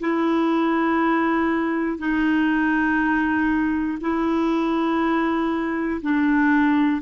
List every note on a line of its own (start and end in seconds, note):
0.00 1.99 E4
1.99 3.99 D#4
4.00 6.00 E4
6.01 7.01 D4